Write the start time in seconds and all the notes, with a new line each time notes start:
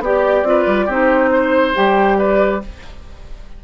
0.00 B3 G4 D5
0.43 C4 F4 B4
0.67 G3
0.86 C4 D#4 G4 C5
1.34 C5
1.75 G3 G4 G5
2.18 B4 D5